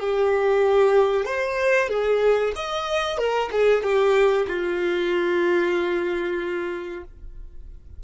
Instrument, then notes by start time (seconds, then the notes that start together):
violin
0.00 G4
1.26 C5
1.89 G#4
2.56 D#5
3.18 A#4
3.52 G#4
3.83 G4
4.48 F4